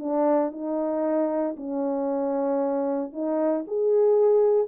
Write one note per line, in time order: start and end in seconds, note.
0.00 0.52 D4
0.52 1.56 D#4
1.57 3.13 C#4
3.13 3.65 D#4
3.68 4.68 G#4